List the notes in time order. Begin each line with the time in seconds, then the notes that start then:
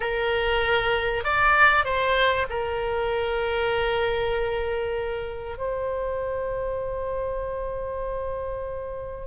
0.00 A#4
1.23 D5
1.84 C5
2.49 A#4
5.57 C5